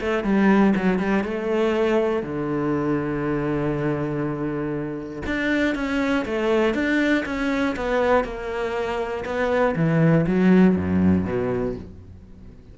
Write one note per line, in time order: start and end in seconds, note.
0.00 0.24 A3
0.24 0.74 G3
0.75 0.99 F#3
0.99 1.23 G3
1.23 2.23 A3
2.23 5.23 D3
5.26 5.75 D4
5.75 6.25 C#4
6.25 6.74 A3
6.74 7.24 D4
7.25 7.75 C#4
7.76 8.24 B3
8.24 9.24 A#3
9.25 9.75 B3
9.76 10.26 E3
10.26 10.76 F#3
10.76 11.25 F#2
11.25 11.75 B2